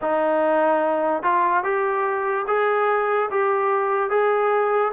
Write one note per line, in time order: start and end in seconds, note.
0.01 1.23 D#4
1.23 1.63 F4
1.63 2.45 G4
2.47 3.29 G#4
3.30 4.09 G4
4.09 4.92 G#4